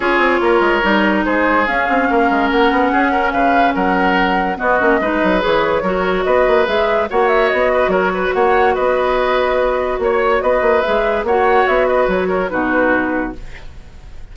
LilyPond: <<
  \new Staff \with { instrumentName = "flute" } { \time 4/4 \tempo 4 = 144 cis''2. c''4 | f''2 fis''2 | f''4 fis''2 dis''4~ | dis''4 cis''2 dis''4 |
e''4 fis''8 e''8 dis''4 cis''4 | fis''4 dis''2. | cis''4 dis''4 e''4 fis''4 | e''8 dis''8 cis''4 b'2 | }
  \new Staff \with { instrumentName = "oboe" } { \time 4/4 gis'4 ais'2 gis'4~ | gis'4 ais'2 gis'8 ais'8 | b'4 ais'2 fis'4 | b'2 ais'4 b'4~ |
b'4 cis''4. b'8 ais'8 b'8 | cis''4 b'2. | cis''4 b'2 cis''4~ | cis''8 b'4 ais'8 fis'2 | }
  \new Staff \with { instrumentName = "clarinet" } { \time 4/4 f'2 dis'2 | cis'1~ | cis'2. b8 cis'8 | dis'4 gis'4 fis'2 |
gis'4 fis'2.~ | fis'1~ | fis'2 gis'4 fis'4~ | fis'2 dis'2 | }
  \new Staff \with { instrumentName = "bassoon" } { \time 4/4 cis'8 c'8 ais8 gis8 g4 gis4 | cis'8 c'8 ais8 gis8 ais8 b8 cis'4 | cis4 fis2 b8 ais8 | gis8 fis8 e4 fis4 b8 ais8 |
gis4 ais4 b4 fis4 | ais4 b2. | ais4 b8 ais8 gis4 ais4 | b4 fis4 b,2 | }
>>